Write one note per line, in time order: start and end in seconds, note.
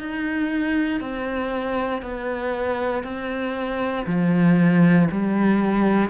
0.00 1.01 D#4
1.01 2.02 C4
2.02 3.04 B3
3.04 4.06 C4
4.07 5.08 F3
5.11 6.10 G3